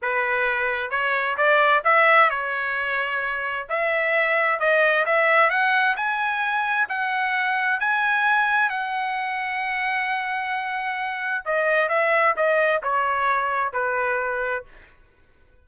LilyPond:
\new Staff \with { instrumentName = "trumpet" } { \time 4/4 \tempo 4 = 131 b'2 cis''4 d''4 | e''4 cis''2. | e''2 dis''4 e''4 | fis''4 gis''2 fis''4~ |
fis''4 gis''2 fis''4~ | fis''1~ | fis''4 dis''4 e''4 dis''4 | cis''2 b'2 | }